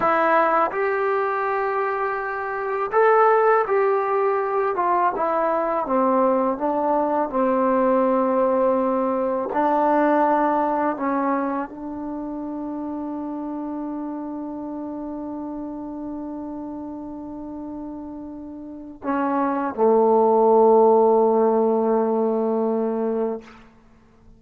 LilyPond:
\new Staff \with { instrumentName = "trombone" } { \time 4/4 \tempo 4 = 82 e'4 g'2. | a'4 g'4. f'8 e'4 | c'4 d'4 c'2~ | c'4 d'2 cis'4 |
d'1~ | d'1~ | d'2 cis'4 a4~ | a1 | }